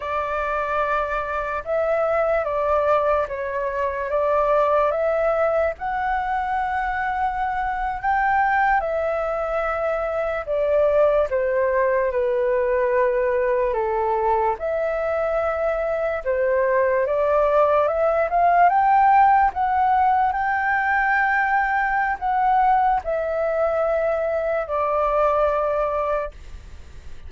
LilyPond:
\new Staff \with { instrumentName = "flute" } { \time 4/4 \tempo 4 = 73 d''2 e''4 d''4 | cis''4 d''4 e''4 fis''4~ | fis''4.~ fis''16 g''4 e''4~ e''16~ | e''8. d''4 c''4 b'4~ b'16~ |
b'8. a'4 e''2 c''16~ | c''8. d''4 e''8 f''8 g''4 fis''16~ | fis''8. g''2~ g''16 fis''4 | e''2 d''2 | }